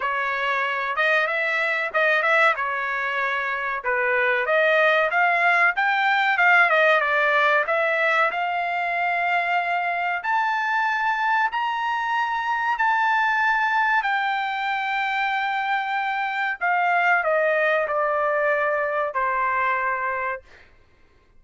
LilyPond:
\new Staff \with { instrumentName = "trumpet" } { \time 4/4 \tempo 4 = 94 cis''4. dis''8 e''4 dis''8 e''8 | cis''2 b'4 dis''4 | f''4 g''4 f''8 dis''8 d''4 | e''4 f''2. |
a''2 ais''2 | a''2 g''2~ | g''2 f''4 dis''4 | d''2 c''2 | }